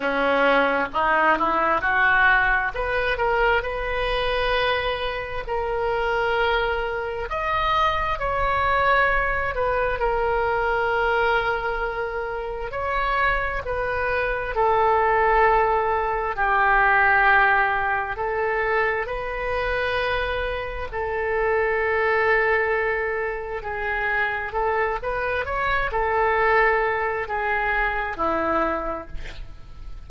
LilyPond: \new Staff \with { instrumentName = "oboe" } { \time 4/4 \tempo 4 = 66 cis'4 dis'8 e'8 fis'4 b'8 ais'8 | b'2 ais'2 | dis''4 cis''4. b'8 ais'4~ | ais'2 cis''4 b'4 |
a'2 g'2 | a'4 b'2 a'4~ | a'2 gis'4 a'8 b'8 | cis''8 a'4. gis'4 e'4 | }